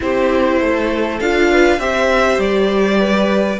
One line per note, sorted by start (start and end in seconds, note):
0.00 0.61 C4
0.00 1.20 E4
0.00 0.61 G4
0.00 1.20 C5
0.61 1.20 A3
0.61 1.51 A4
1.20 1.79 D4
1.20 1.79 F4
1.20 1.79 F5
1.51 1.81 B4
1.79 2.38 C4
1.79 3.59 G4
1.79 2.99 C5
1.79 2.39 E5
2.38 3.58 G3
2.38 3.59 D5
2.99 3.59 B4